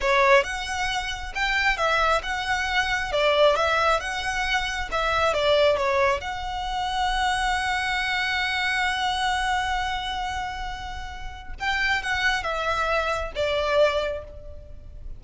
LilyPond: \new Staff \with { instrumentName = "violin" } { \time 4/4 \tempo 4 = 135 cis''4 fis''2 g''4 | e''4 fis''2 d''4 | e''4 fis''2 e''4 | d''4 cis''4 fis''2~ |
fis''1~ | fis''1~ | fis''2 g''4 fis''4 | e''2 d''2 | }